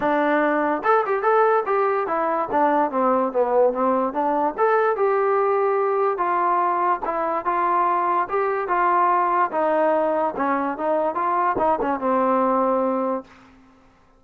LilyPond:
\new Staff \with { instrumentName = "trombone" } { \time 4/4 \tempo 4 = 145 d'2 a'8 g'8 a'4 | g'4 e'4 d'4 c'4 | b4 c'4 d'4 a'4 | g'2. f'4~ |
f'4 e'4 f'2 | g'4 f'2 dis'4~ | dis'4 cis'4 dis'4 f'4 | dis'8 cis'8 c'2. | }